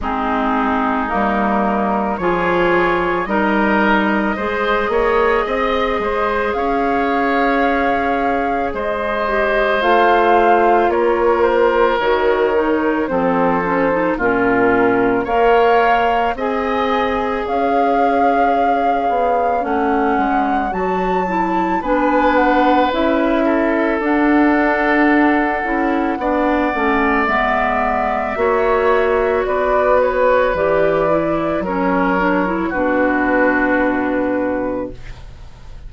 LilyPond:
<<
  \new Staff \with { instrumentName = "flute" } { \time 4/4 \tempo 4 = 55 gis'4 ais'4 cis''4 dis''4~ | dis''2 f''2 | dis''4 f''4 cis''8 c''8 cis''4 | c''4 ais'4 f''4 gis''4 |
f''2 fis''4 a''4 | gis''8 fis''8 e''4 fis''2~ | fis''4 e''2 d''8 cis''8 | d''4 cis''4 b'2 | }
  \new Staff \with { instrumentName = "oboe" } { \time 4/4 dis'2 gis'4 ais'4 | c''8 cis''8 dis''8 c''8 cis''2 | c''2 ais'2 | a'4 f'4 cis''4 dis''4 |
cis''1 | b'4. a'2~ a'8 | d''2 cis''4 b'4~ | b'4 ais'4 fis'2 | }
  \new Staff \with { instrumentName = "clarinet" } { \time 4/4 c'4 ais4 f'4 dis'4 | gis'1~ | gis'8 g'8 f'2 fis'8 dis'8 | c'8 cis'16 dis'16 cis'4 ais'4 gis'4~ |
gis'2 cis'4 fis'8 e'8 | d'4 e'4 d'4. e'8 | d'8 cis'8 b4 fis'2 | g'8 e'8 cis'8 d'16 e'16 d'2 | }
  \new Staff \with { instrumentName = "bassoon" } { \time 4/4 gis4 g4 f4 g4 | gis8 ais8 c'8 gis8 cis'2 | gis4 a4 ais4 dis4 | f4 ais,4 ais4 c'4 |
cis'4. b8 a8 gis8 fis4 | b4 cis'4 d'4. cis'8 | b8 a8 gis4 ais4 b4 | e4 fis4 b,2 | }
>>